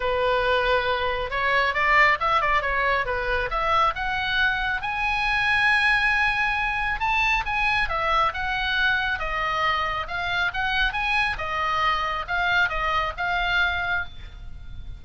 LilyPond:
\new Staff \with { instrumentName = "oboe" } { \time 4/4 \tempo 4 = 137 b'2. cis''4 | d''4 e''8 d''8 cis''4 b'4 | e''4 fis''2 gis''4~ | gis''1 |
a''4 gis''4 e''4 fis''4~ | fis''4 dis''2 f''4 | fis''4 gis''4 dis''2 | f''4 dis''4 f''2 | }